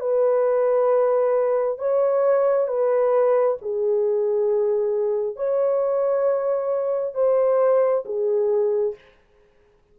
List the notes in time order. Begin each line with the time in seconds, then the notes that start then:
0.00 B4
1.79 C#5
2.68 B4
3.62 G#4
5.36 C#5
7.15 C5
8.06 G#4